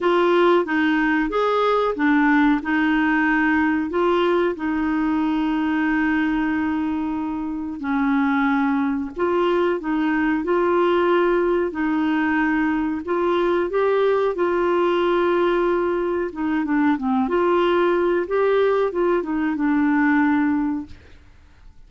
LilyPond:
\new Staff \with { instrumentName = "clarinet" } { \time 4/4 \tempo 4 = 92 f'4 dis'4 gis'4 d'4 | dis'2 f'4 dis'4~ | dis'1 | cis'2 f'4 dis'4 |
f'2 dis'2 | f'4 g'4 f'2~ | f'4 dis'8 d'8 c'8 f'4. | g'4 f'8 dis'8 d'2 | }